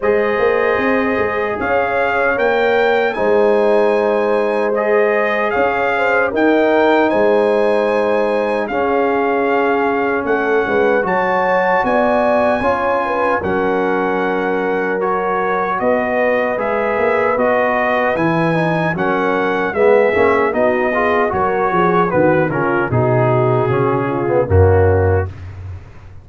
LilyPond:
<<
  \new Staff \with { instrumentName = "trumpet" } { \time 4/4 \tempo 4 = 76 dis''2 f''4 g''4 | gis''2 dis''4 f''4 | g''4 gis''2 f''4~ | f''4 fis''4 a''4 gis''4~ |
gis''4 fis''2 cis''4 | dis''4 e''4 dis''4 gis''4 | fis''4 e''4 dis''4 cis''4 | b'8 ais'8 gis'2 fis'4 | }
  \new Staff \with { instrumentName = "horn" } { \time 4/4 c''2 cis''2 | c''2. cis''8 c''8 | ais'4 c''2 gis'4~ | gis'4 a'8 b'8 cis''4 d''4 |
cis''8 b'8 ais'2. | b'1 | ais'4 gis'4 fis'8 gis'8 ais'8 gis'8 | fis'8 f'8 fis'4. f'8 cis'4 | }
  \new Staff \with { instrumentName = "trombone" } { \time 4/4 gis'2. ais'4 | dis'2 gis'2 | dis'2. cis'4~ | cis'2 fis'2 |
f'4 cis'2 fis'4~ | fis'4 gis'4 fis'4 e'8 dis'8 | cis'4 b8 cis'8 dis'8 f'8 fis'4 | b8 cis'8 dis'4 cis'8. b16 ais4 | }
  \new Staff \with { instrumentName = "tuba" } { \time 4/4 gis8 ais8 c'8 gis8 cis'4 ais4 | gis2. cis'4 | dis'4 gis2 cis'4~ | cis'4 a8 gis8 fis4 b4 |
cis'4 fis2. | b4 gis8 ais8 b4 e4 | fis4 gis8 ais8 b4 fis8 f8 | dis8 cis8 b,4 cis4 fis,4 | }
>>